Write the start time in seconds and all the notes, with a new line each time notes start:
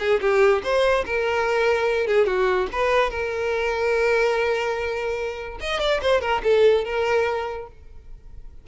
0.00 G#4
0.21 G4
0.64 C5
1.06 A#4
2.07 G#4
2.27 F#4
2.73 B4
3.11 A#4
5.61 D#5
5.80 D5
6.02 C5
6.22 A#4
6.44 A4
6.85 A#4